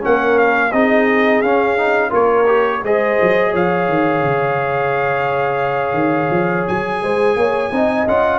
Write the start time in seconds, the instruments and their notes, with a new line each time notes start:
0.00 tuba A#3, trombone C#4, horn A#4, trumpet F#5
0.38 trumpet F5
0.72 tuba C4, trombone D#4, horn G#4, trumpet D#5
1.41 tuba C#4, trombone C#4, trumpet F5
1.77 trombone D#4
2.09 tuba A#3, trombone F4, horn A#4, trumpet C#5
2.46 trombone G4
2.83 tuba G#3, trombone G#4, horn C5, trumpet D#5
3.21 tuba F#3
3.51 tuba F3, horn C#5, trumpet F5
3.88 tuba D#3
4.22 tuba C#3
5.93 tuba D#3
6.30 tuba F3
6.67 tuba F#3, trumpet G#5
7.02 tuba G#3, horn C5
7.35 tuba A#3, horn C#5
7.71 tuba C4, trombone D#4, horn D#5
8.07 tuba C#4, trombone F4, trumpet F#5